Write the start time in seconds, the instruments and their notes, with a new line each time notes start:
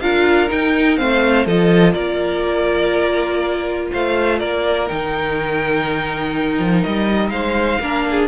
0.00 cello D4, viola F4, violin A#4 F5
0.47 viola D#4, cello D#4, violin G5
0.96 cello A3, viola C4, violin C5 F5
1.46 cello F3, viola F4, violin A4 D#5
1.92 cello A#3, violin A#4 D5
3.92 cello A3, violin C5 F5
4.38 cello A#3, violin A#4 D5
4.87 cello D#3, viola D#4, violin G5
6.58 cello F3
6.82 cello G3, violin D#5
7.29 cello G#3, violin C5 F5
7.80 cello A#3, viola D4, violin A#4
8.10 violin G#4